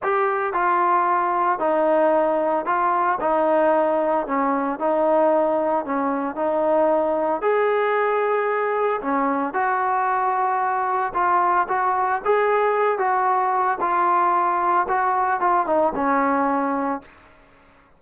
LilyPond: \new Staff \with { instrumentName = "trombone" } { \time 4/4 \tempo 4 = 113 g'4 f'2 dis'4~ | dis'4 f'4 dis'2 | cis'4 dis'2 cis'4 | dis'2 gis'2~ |
gis'4 cis'4 fis'2~ | fis'4 f'4 fis'4 gis'4~ | gis'8 fis'4. f'2 | fis'4 f'8 dis'8 cis'2 | }